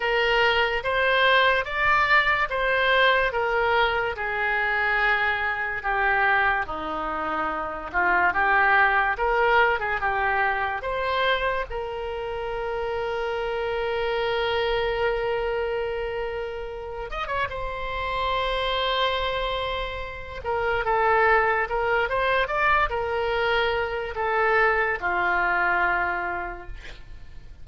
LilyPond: \new Staff \with { instrumentName = "oboe" } { \time 4/4 \tempo 4 = 72 ais'4 c''4 d''4 c''4 | ais'4 gis'2 g'4 | dis'4. f'8 g'4 ais'8. gis'16 | g'4 c''4 ais'2~ |
ais'1~ | ais'8 dis''16 cis''16 c''2.~ | c''8 ais'8 a'4 ais'8 c''8 d''8 ais'8~ | ais'4 a'4 f'2 | }